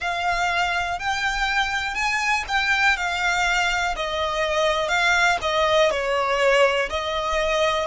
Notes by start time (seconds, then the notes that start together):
0.00 F5
0.99 G5
1.94 G#5
2.48 G5
2.96 F5
3.96 D#5
4.88 F5
5.41 D#5
5.91 C#5
6.89 D#5